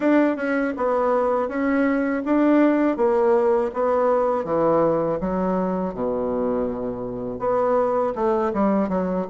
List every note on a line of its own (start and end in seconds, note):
0.00 0.36 D4
0.36 0.73 C#4
0.76 1.48 B3
1.48 2.22 C#4
2.25 2.96 D4
2.96 3.70 A#3
3.73 4.44 B3
4.44 5.18 E3
5.20 5.94 F#3
5.94 7.39 B2
7.39 8.13 B3
8.15 8.52 A3
8.54 8.89 G3
8.89 9.26 F#3